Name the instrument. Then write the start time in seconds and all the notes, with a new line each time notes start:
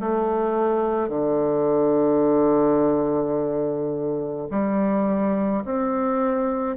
bassoon
0.00 A3
1.09 D3
4.50 G3
5.64 C4